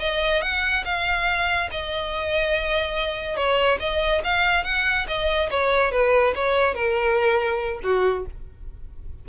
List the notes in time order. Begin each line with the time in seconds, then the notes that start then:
0.00 D#5
0.41 F#5
0.85 F5
1.71 D#5
3.36 C#5
3.79 D#5
4.24 F5
4.64 F#5
5.07 D#5
5.50 C#5
5.92 B4
6.35 C#5
6.74 A#4
7.83 F#4